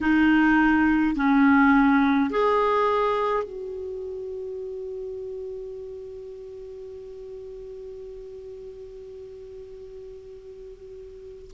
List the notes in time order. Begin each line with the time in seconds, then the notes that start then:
0.00 D#4
1.15 C#4
2.30 G#4
3.43 F#4